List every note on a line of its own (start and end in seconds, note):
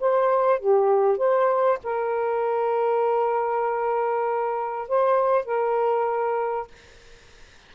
0.00 0.60 C5
0.60 1.18 G4
1.18 1.79 C5
1.84 4.88 A#4
4.88 5.45 C5
5.45 6.68 A#4